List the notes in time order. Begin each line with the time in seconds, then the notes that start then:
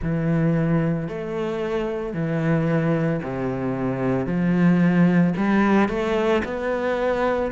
0.02 E3
1.08 A3
2.13 E3
3.22 C3
4.26 F3
5.36 G3
5.88 A3
6.44 B3